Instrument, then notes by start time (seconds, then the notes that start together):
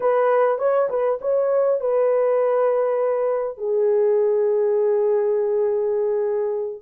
horn
0.00 B4
0.58 C#5
0.89 B4
1.21 C#5
1.80 B4
3.57 G#4